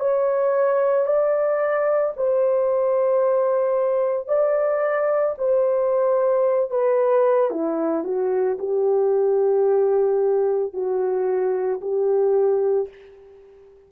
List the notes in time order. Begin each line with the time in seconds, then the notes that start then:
0.00 C#5
1.06 D5
2.17 C5
4.28 D5
5.38 C5
6.71 B4
7.51 E4
8.04 F#4
8.59 G4
10.73 F#4
11.81 G4